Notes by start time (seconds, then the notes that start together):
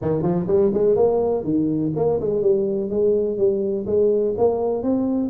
0.01 D#3
0.22 F3
0.47 G3
0.73 G#3
0.96 A#3
1.44 D#3
1.96 A#3
2.20 G#3
2.41 G3
2.90 G#3
3.37 G3
3.86 G#3
4.37 A#3
4.82 C4